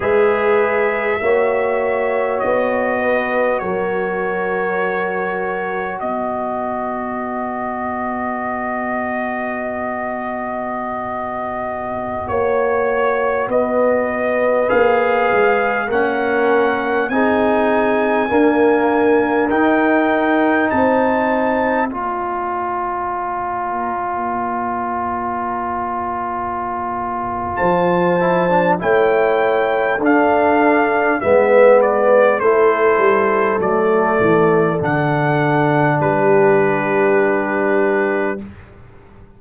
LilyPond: <<
  \new Staff \with { instrumentName = "trumpet" } { \time 4/4 \tempo 4 = 50 e''2 dis''4 cis''4~ | cis''4 dis''2.~ | dis''2~ dis''16 cis''4 dis''8.~ | dis''16 f''4 fis''4 gis''4.~ gis''16~ |
gis''16 g''4 a''4 ais''4.~ ais''16~ | ais''2. a''4 | g''4 f''4 e''8 d''8 c''4 | d''4 fis''4 b'2 | }
  \new Staff \with { instrumentName = "horn" } { \time 4/4 b'4 cis''4. b'8 ais'4~ | ais'4 b'2.~ | b'2~ b'16 cis''4 b'8.~ | b'4~ b'16 ais'4 gis'4 ais'8.~ |
ais'4~ ais'16 c''4 d''4.~ d''16~ | d''2. c''4 | cis''4 a'4 b'4 a'4~ | a'2 g'2 | }
  \new Staff \with { instrumentName = "trombone" } { \time 4/4 gis'4 fis'2.~ | fis'1~ | fis'1~ | fis'16 gis'4 cis'4 dis'4 ais8.~ |
ais16 dis'2 f'4.~ f'16~ | f'2.~ f'8 e'16 d'16 | e'4 d'4 b4 e'4 | a4 d'2. | }
  \new Staff \with { instrumentName = "tuba" } { \time 4/4 gis4 ais4 b4 fis4~ | fis4 b2.~ | b2~ b16 ais4 b8.~ | b16 ais8 gis8 ais4 c'4 d'8.~ |
d'16 dis'4 c'4 ais4.~ ais16~ | ais2. f4 | a4 d'4 gis4 a8 g8 | fis8 e8 d4 g2 | }
>>